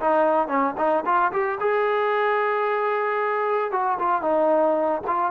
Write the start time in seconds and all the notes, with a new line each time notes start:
0.00 D#4
0.47 C#4
0.77 D#4
1.05 F4
1.32 G4
1.60 G#4
3.71 F#4
3.99 F4
4.21 D#4
5.07 F4